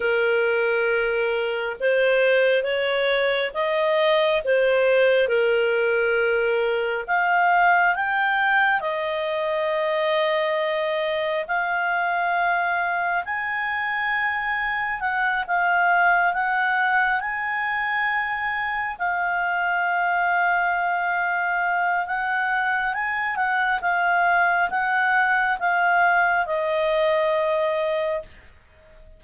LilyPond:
\new Staff \with { instrumentName = "clarinet" } { \time 4/4 \tempo 4 = 68 ais'2 c''4 cis''4 | dis''4 c''4 ais'2 | f''4 g''4 dis''2~ | dis''4 f''2 gis''4~ |
gis''4 fis''8 f''4 fis''4 gis''8~ | gis''4. f''2~ f''8~ | f''4 fis''4 gis''8 fis''8 f''4 | fis''4 f''4 dis''2 | }